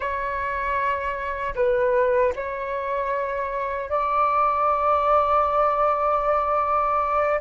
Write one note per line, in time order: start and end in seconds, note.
0.00 1.54 C#5
1.55 2.33 B4
2.35 3.89 C#5
3.89 7.40 D5